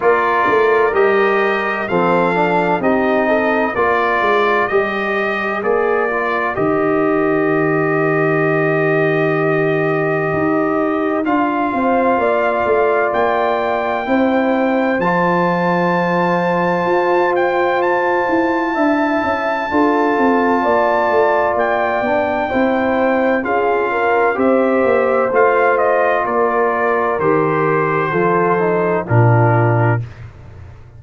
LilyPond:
<<
  \new Staff \with { instrumentName = "trumpet" } { \time 4/4 \tempo 4 = 64 d''4 dis''4 f''4 dis''4 | d''4 dis''4 d''4 dis''4~ | dis''1 | f''2 g''2 |
a''2~ a''8 g''8 a''4~ | a''2. g''4~ | g''4 f''4 e''4 f''8 dis''8 | d''4 c''2 ais'4 | }
  \new Staff \with { instrumentName = "horn" } { \time 4/4 ais'2 a'4 g'8 a'8 | ais'1~ | ais'1~ | ais'8 c''8 d''2 c''4~ |
c''1 | e''4 a'4 d''2 | c''4 gis'8 ais'8 c''2 | ais'2 a'4 f'4 | }
  \new Staff \with { instrumentName = "trombone" } { \time 4/4 f'4 g'4 c'8 d'8 dis'4 | f'4 g'4 gis'8 f'8 g'4~ | g'1 | f'2. e'4 |
f'1 | e'4 f'2~ f'8 d'8 | e'4 f'4 g'4 f'4~ | f'4 g'4 f'8 dis'8 d'4 | }
  \new Staff \with { instrumentName = "tuba" } { \time 4/4 ais8 a8 g4 f4 c'4 | ais8 gis8 g4 ais4 dis4~ | dis2. dis'4 | d'8 c'8 ais8 a8 ais4 c'4 |
f2 f'4. e'8 | d'8 cis'8 d'8 c'8 ais8 a8 ais8 b8 | c'4 cis'4 c'8 ais8 a4 | ais4 dis4 f4 ais,4 | }
>>